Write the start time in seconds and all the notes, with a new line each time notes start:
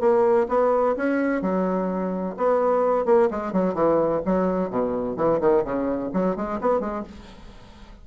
0.00 A#3
0.49 B3
0.96 C#4
1.42 F#3
2.37 B3
3.05 A#3
3.30 G#3
3.52 F#3
3.74 E3
4.25 F#3
4.70 B2
5.16 E3
5.41 D#3
5.64 C#3
6.13 F#3
6.36 G#3
6.61 B3
6.80 G#3